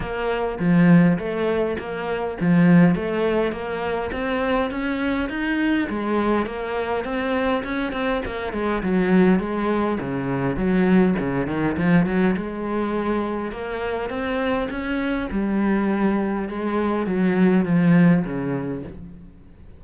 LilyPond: \new Staff \with { instrumentName = "cello" } { \time 4/4 \tempo 4 = 102 ais4 f4 a4 ais4 | f4 a4 ais4 c'4 | cis'4 dis'4 gis4 ais4 | c'4 cis'8 c'8 ais8 gis8 fis4 |
gis4 cis4 fis4 cis8 dis8 | f8 fis8 gis2 ais4 | c'4 cis'4 g2 | gis4 fis4 f4 cis4 | }